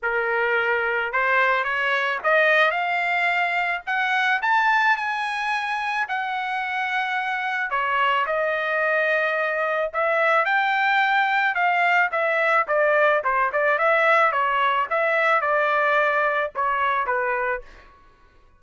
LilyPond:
\new Staff \with { instrumentName = "trumpet" } { \time 4/4 \tempo 4 = 109 ais'2 c''4 cis''4 | dis''4 f''2 fis''4 | a''4 gis''2 fis''4~ | fis''2 cis''4 dis''4~ |
dis''2 e''4 g''4~ | g''4 f''4 e''4 d''4 | c''8 d''8 e''4 cis''4 e''4 | d''2 cis''4 b'4 | }